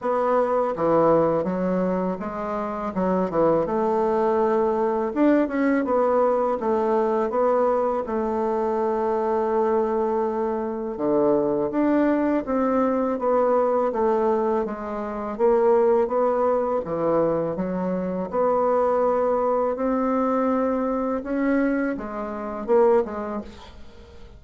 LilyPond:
\new Staff \with { instrumentName = "bassoon" } { \time 4/4 \tempo 4 = 82 b4 e4 fis4 gis4 | fis8 e8 a2 d'8 cis'8 | b4 a4 b4 a4~ | a2. d4 |
d'4 c'4 b4 a4 | gis4 ais4 b4 e4 | fis4 b2 c'4~ | c'4 cis'4 gis4 ais8 gis8 | }